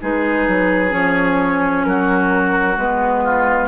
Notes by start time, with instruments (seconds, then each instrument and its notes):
0.00 bassoon G#3, clarinet D#4, oboe G#4, flute B4
0.47 bassoon F#3
0.89 bassoon F3, clarinet C#4, flute C#5
1.84 bassoon F#3, oboe F#4, flute A#4
2.76 bassoon G#3, clarinet B3, flute B4
3.24 oboe F4